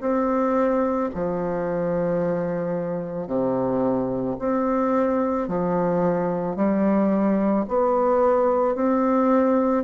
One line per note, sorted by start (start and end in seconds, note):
0.00 1.09 C4
1.14 3.27 F3
3.27 4.36 C3
4.38 5.47 C4
5.48 6.56 F3
6.56 7.65 G3
7.68 8.75 B3
8.75 9.84 C4